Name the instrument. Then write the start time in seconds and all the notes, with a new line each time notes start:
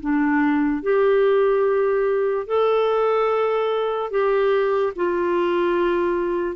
clarinet
0.00 D4
0.82 G4
2.46 A4
4.10 G4
4.95 F4